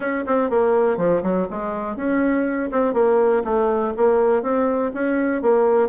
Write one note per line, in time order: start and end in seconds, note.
0.00 0.25 C#4
0.26 0.50 C4
0.50 0.97 A#3
0.97 1.21 F3
1.22 1.47 F#3
1.50 1.96 G#3
1.96 2.70 C#4
2.71 2.93 C4
2.93 3.42 A#3
3.44 3.93 A3
3.96 4.42 A#3
4.42 4.91 C4
4.94 5.42 C#4
5.42 5.89 A#3